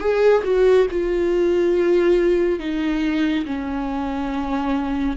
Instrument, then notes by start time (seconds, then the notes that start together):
viola
0.00 G#4
0.44 F#4
0.91 F4
2.59 D#4
3.45 C#4